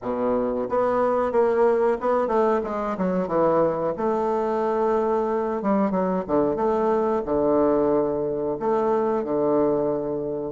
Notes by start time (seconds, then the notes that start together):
0.02 B2
0.69 B3
1.32 A#3
2.00 B3
2.27 A3
2.63 G#3
2.97 F#3
3.27 E3
3.97 A3
5.62 G3
5.90 F#3
6.27 D3
6.56 A3
7.25 D3
8.59 A3
9.24 D3